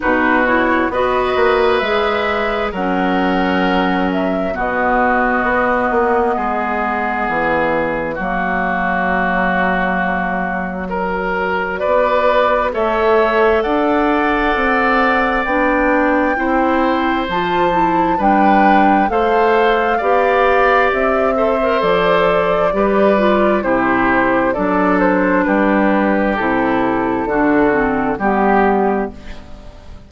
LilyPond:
<<
  \new Staff \with { instrumentName = "flute" } { \time 4/4 \tempo 4 = 66 b'8 cis''8 dis''4 e''4 fis''4~ | fis''8 e''8 dis''2. | cis''1~ | cis''4 d''4 e''4 fis''4~ |
fis''4 g''2 a''4 | g''4 f''2 e''4 | d''2 c''4 d''8 c''8 | b'4 a'2 g'4 | }
  \new Staff \with { instrumentName = "oboe" } { \time 4/4 fis'4 b'2 ais'4~ | ais'4 fis'2 gis'4~ | gis'4 fis'2. | ais'4 b'4 cis''4 d''4~ |
d''2 c''2 | b'4 c''4 d''4. c''8~ | c''4 b'4 g'4 a'4 | g'2 fis'4 g'4 | }
  \new Staff \with { instrumentName = "clarinet" } { \time 4/4 dis'8 e'8 fis'4 gis'4 cis'4~ | cis'4 b2.~ | b4 ais2. | fis'2 a'2~ |
a'4 d'4 e'4 f'8 e'8 | d'4 a'4 g'4. a'16 ais'16 | a'4 g'8 f'8 e'4 d'4~ | d'4 e'4 d'8 c'8 b4 | }
  \new Staff \with { instrumentName = "bassoon" } { \time 4/4 b,4 b8 ais8 gis4 fis4~ | fis4 b,4 b8 ais8 gis4 | e4 fis2.~ | fis4 b4 a4 d'4 |
c'4 b4 c'4 f4 | g4 a4 b4 c'4 | f4 g4 c4 fis4 | g4 c4 d4 g4 | }
>>